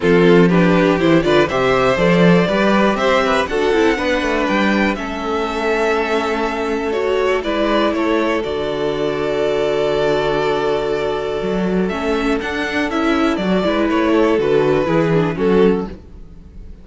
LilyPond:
<<
  \new Staff \with { instrumentName = "violin" } { \time 4/4 \tempo 4 = 121 a'4 b'4 c''8 d''8 e''4 | d''2 e''4 fis''4~ | fis''4 g''4 e''2~ | e''2 cis''4 d''4 |
cis''4 d''2.~ | d''1 | e''4 fis''4 e''4 d''4 | cis''4 b'2 a'4 | }
  \new Staff \with { instrumentName = "violin" } { \time 4/4 f'4 g'4. b'8 c''4~ | c''4 b'4 c''8 b'8 a'4 | b'2 a'2~ | a'2. b'4 |
a'1~ | a'1~ | a'2.~ a'8 b'8~ | b'8 a'4. gis'4 fis'4 | }
  \new Staff \with { instrumentName = "viola" } { \time 4/4 c'4 d'4 e'8 f'8 g'4 | a'4 g'2 fis'8 e'8 | d'2 cis'2~ | cis'2 fis'4 e'4~ |
e'4 fis'2.~ | fis'1 | cis'4 d'4 e'4 fis'8 e'8~ | e'4 fis'4 e'8 d'8 cis'4 | }
  \new Staff \with { instrumentName = "cello" } { \time 4/4 f2 e8 d8 c4 | f4 g4 c'4 d'8 c'8 | b8 a8 g4 a2~ | a2. gis4 |
a4 d2.~ | d2. fis4 | a4 d'4 cis'4 fis8 gis8 | a4 d4 e4 fis4 | }
>>